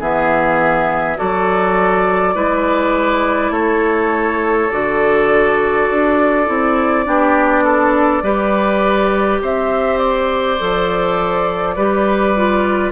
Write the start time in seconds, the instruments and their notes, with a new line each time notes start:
0.00 bassoon E3, clarinet B3, oboe G#4, flute E5
1.17 bassoon F#3, clarinet F#4, oboe A4, flute D5
2.35 bassoon G#3, clarinet E4, oboe B4
3.50 bassoon A3, oboe A4, flute C#5
4.70 bassoon D3, clarinet F#4, flute D5
5.90 bassoon D4
6.47 bassoon C4, clarinet E4
7.05 bassoon B3, clarinet D4, oboe G4
7.64 oboe A4
8.23 bassoon G3, clarinet G4, oboe B4
9.42 bassoon C4, oboe C5, flute E5
9.98 flute D5
10.59 bassoon F3, clarinet A4
11.75 bassoon G3, clarinet G4, oboe B4
12.37 clarinet F4